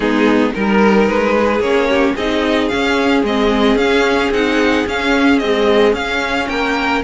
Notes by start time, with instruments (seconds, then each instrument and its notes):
0.00 cello G#3, viola B3, violin D#4 G#4
0.54 cello G3, viola D#4, violin A#4
1.07 cello G#3, violin B4
1.38 violin G#4
1.59 cello A#3, viola C#4, violin C#5
1.89 violin G4
2.15 cello C4, viola D#4, violin G#4 D#5
2.68 viola C#4, cello C#4, violin F5
3.23 cello G#3, viola C4, violin D#5
3.75 cello C#4, viola C#4, violin F5
4.30 cello C4, viola D#4, violin F#5
4.86 cello C#4, viola C#4, violin F5
5.39 viola G#3, cello C4, violin D#5
5.92 cello C#4, viola C#4, violin F5
6.48 cello A#3, violin A#4 G5